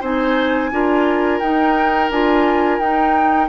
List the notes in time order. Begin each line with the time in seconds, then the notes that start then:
0.00 C4 D#4 C5 G#5
0.71 D4 F4 A#4
1.39 D#4 G5
2.10 D4 F4 G#5
2.79 D#4 G5